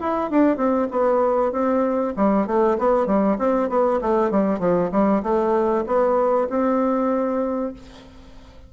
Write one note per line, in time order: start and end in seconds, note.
0.00 0.30 E4
0.30 0.57 D4
0.57 0.88 C4
0.91 1.52 B3
1.52 2.14 C4
2.16 2.47 G3
2.47 2.78 A3
2.78 3.06 B3
3.06 3.37 G3
3.39 3.69 C4
3.69 4.00 B3
4.01 4.31 A3
4.31 4.59 G3
4.59 4.90 F3
4.91 5.22 G3
5.23 5.85 A3
5.86 6.48 B3
6.49 7.73 C4